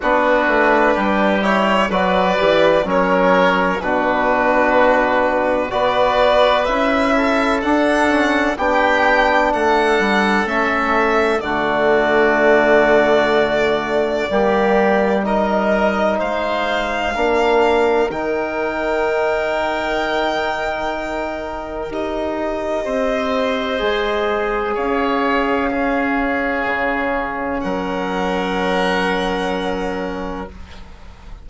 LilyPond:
<<
  \new Staff \with { instrumentName = "violin" } { \time 4/4 \tempo 4 = 63 b'4. cis''8 d''4 cis''4 | b'2 d''4 e''4 | fis''4 g''4 fis''4 e''4 | d''1 |
dis''4 f''2 g''4~ | g''2. dis''4~ | dis''2 f''2~ | f''4 fis''2. | }
  \new Staff \with { instrumentName = "oboe" } { \time 4/4 fis'4 g'4 b'4 ais'4 | fis'2 b'4. a'8~ | a'4 g'4 a'2 | fis'2. g'4 |
ais'4 c''4 ais'2~ | ais'1 | c''2 cis''4 gis'4~ | gis'4 ais'2. | }
  \new Staff \with { instrumentName = "trombone" } { \time 4/4 d'4. e'8 fis'8 g'8 cis'4 | d'2 fis'4 e'4 | d'8 cis'8 d'2 cis'4 | a2. ais4 |
dis'2 d'4 dis'4~ | dis'2. g'4~ | g'4 gis'2 cis'4~ | cis'1 | }
  \new Staff \with { instrumentName = "bassoon" } { \time 4/4 b8 a8 g4 fis8 e8 fis4 | b,2 b4 cis'4 | d'4 b4 a8 g8 a4 | d2. g4~ |
g4 gis4 ais4 dis4~ | dis2. dis'4 | c'4 gis4 cis'2 | cis4 fis2. | }
>>